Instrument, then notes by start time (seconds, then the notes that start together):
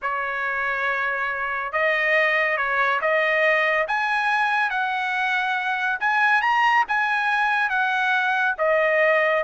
trumpet
0.02 C#5
1.72 D#5
2.57 C#5
3.01 D#5
3.87 G#5
4.70 F#5
6.00 G#5
6.41 A#5
6.88 G#5
7.69 F#5
8.58 D#5